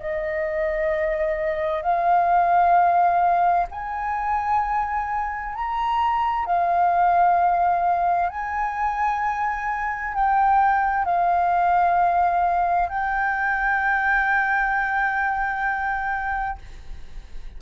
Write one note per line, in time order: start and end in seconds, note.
0.00 1.83 D#5
1.83 3.67 F5
3.71 5.55 G#5
5.55 6.46 A#5
6.46 8.30 F5
8.30 10.15 G#5
10.15 11.05 G5
11.05 12.89 F5
12.89 16.59 G5